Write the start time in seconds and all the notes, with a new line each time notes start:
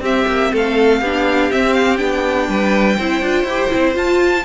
0.00 C4 G4 E5
0.27 A#3
0.52 A3 A4 F5
1.01 B3 D4 G4
1.51 C4 E5
1.73 F5
1.97 B3 D4 G5
2.48 G3 B4
2.97 C4 E4 C5
3.21 D4 F4
3.43 E4 G4
3.70 C4 E4
3.94 F4 A5